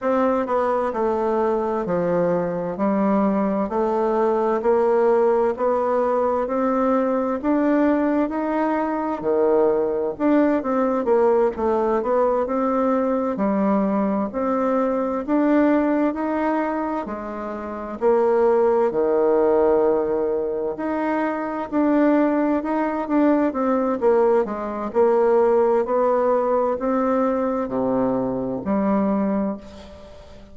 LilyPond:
\new Staff \with { instrumentName = "bassoon" } { \time 4/4 \tempo 4 = 65 c'8 b8 a4 f4 g4 | a4 ais4 b4 c'4 | d'4 dis'4 dis4 d'8 c'8 | ais8 a8 b8 c'4 g4 c'8~ |
c'8 d'4 dis'4 gis4 ais8~ | ais8 dis2 dis'4 d'8~ | d'8 dis'8 d'8 c'8 ais8 gis8 ais4 | b4 c'4 c4 g4 | }